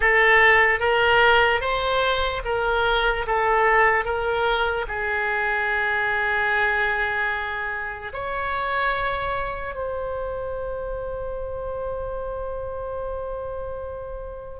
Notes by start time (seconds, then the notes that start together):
0.00 A4
0.79 A#4
1.60 C5
2.44 A#4
3.27 A4
4.04 A#4
4.88 G#4
8.13 C#5
9.74 C5